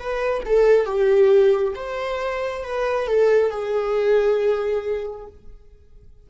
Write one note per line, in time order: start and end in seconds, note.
0.00 0.44 B4
0.46 0.86 A4
0.86 1.74 G4
1.75 2.64 C5
2.64 3.08 B4
3.08 3.51 A4
3.51 5.27 G#4